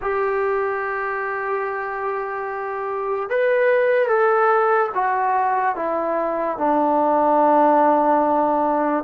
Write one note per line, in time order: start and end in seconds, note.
0.01 3.29 G4
3.29 4.08 B4
4.08 4.90 A4
4.94 5.75 F#4
5.75 6.57 E4
6.57 9.03 D4